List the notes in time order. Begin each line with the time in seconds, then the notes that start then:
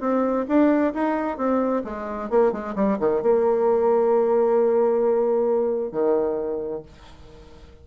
0.00 C4
0.48 D4
0.93 D#4
1.37 C4
1.84 G#3
2.30 A#3
2.52 G#3
2.75 G3
2.99 D#3
3.22 A#3
5.92 D#3